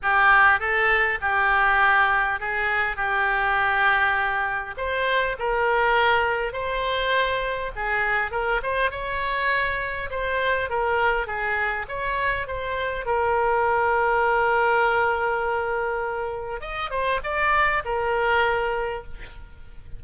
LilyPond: \new Staff \with { instrumentName = "oboe" } { \time 4/4 \tempo 4 = 101 g'4 a'4 g'2 | gis'4 g'2. | c''4 ais'2 c''4~ | c''4 gis'4 ais'8 c''8 cis''4~ |
cis''4 c''4 ais'4 gis'4 | cis''4 c''4 ais'2~ | ais'1 | dis''8 c''8 d''4 ais'2 | }